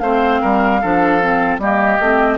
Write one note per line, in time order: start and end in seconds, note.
0.00 0.40 A3
0.00 0.82 C4
0.00 0.42 C5
0.00 1.58 F5
0.42 0.83 G3
0.42 0.81 A#4
0.82 1.59 F3
0.82 1.22 D4
0.82 1.61 A4
1.22 1.61 C4
1.59 1.98 G3
1.59 2.01 A#3
1.59 2.39 G4
1.59 2.39 D#5
2.00 2.39 A3
2.00 2.39 C4